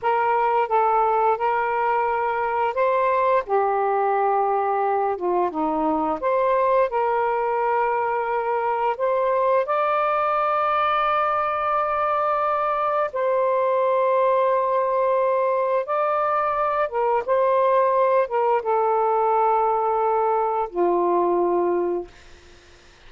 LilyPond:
\new Staff \with { instrumentName = "saxophone" } { \time 4/4 \tempo 4 = 87 ais'4 a'4 ais'2 | c''4 g'2~ g'8 f'8 | dis'4 c''4 ais'2~ | ais'4 c''4 d''2~ |
d''2. c''4~ | c''2. d''4~ | d''8 ais'8 c''4. ais'8 a'4~ | a'2 f'2 | }